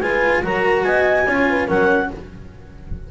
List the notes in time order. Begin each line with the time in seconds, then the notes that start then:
0.00 G#3 F4 B4 G#5
0.42 F#3 F#4 A#4 A#5
0.83 B3 D#5 G#5
1.26 C#4 F4 C#5
1.49 B4
1.67 F#3 C#4 A#4 F#5